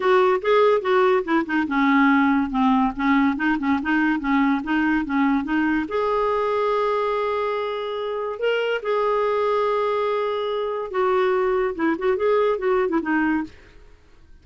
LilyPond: \new Staff \with { instrumentName = "clarinet" } { \time 4/4 \tempo 4 = 143 fis'4 gis'4 fis'4 e'8 dis'8 | cis'2 c'4 cis'4 | dis'8 cis'8 dis'4 cis'4 dis'4 | cis'4 dis'4 gis'2~ |
gis'1 | ais'4 gis'2.~ | gis'2 fis'2 | e'8 fis'8 gis'4 fis'8. e'16 dis'4 | }